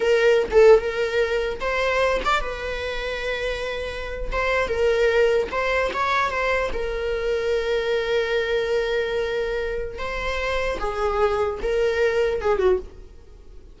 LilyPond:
\new Staff \with { instrumentName = "viola" } { \time 4/4 \tempo 4 = 150 ais'4~ ais'16 a'8. ais'2 | c''4. d''8 b'2~ | b'2~ b'8. c''4 ais'16~ | ais'4.~ ais'16 c''4 cis''4 c''16~ |
c''8. ais'2.~ ais'16~ | ais'1~ | ais'4 c''2 gis'4~ | gis'4 ais'2 gis'8 fis'8 | }